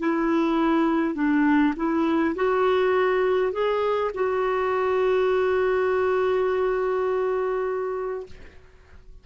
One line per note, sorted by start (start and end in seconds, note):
0.00 1.16 E4
1.16 1.74 D4
1.77 2.36 E4
2.36 3.52 F#4
3.52 4.11 G#4
4.15 8.27 F#4